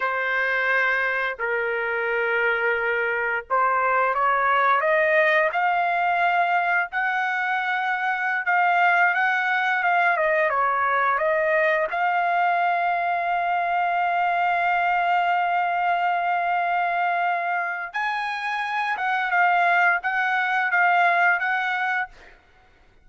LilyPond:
\new Staff \with { instrumentName = "trumpet" } { \time 4/4 \tempo 4 = 87 c''2 ais'2~ | ais'4 c''4 cis''4 dis''4 | f''2 fis''2~ | fis''16 f''4 fis''4 f''8 dis''8 cis''8.~ |
cis''16 dis''4 f''2~ f''8.~ | f''1~ | f''2 gis''4. fis''8 | f''4 fis''4 f''4 fis''4 | }